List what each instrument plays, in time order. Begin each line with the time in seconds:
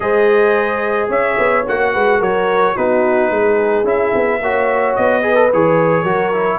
0.00 tuba G#3, trombone G#4, horn C5, trumpet D#5
1.08 tuba C#4, horn C#5, trumpet E5
1.37 tuba B3
1.67 tuba A#3, trombone F#4, trumpet F#5
1.93 tuba G#3, horn B4
2.19 tuba F#3, horn A#4, trumpet C#5
2.75 tuba B3, trombone D#4, horn F#4, trumpet B4
3.30 tuba G#3, horn G#4
3.83 tuba C#4, trombone E4, trumpet E5
4.14 tuba B3
4.41 tuba A#3, trombone F#4, horn C#5
4.95 tuba B3, trumpet D#5
5.20 trombone G#4, horn B4
5.35 trombone A4
5.53 tuba E3, trombone G#4, trumpet C#5
6.01 tuba F#3, trombone F#4, horn A#4
6.33 trombone E4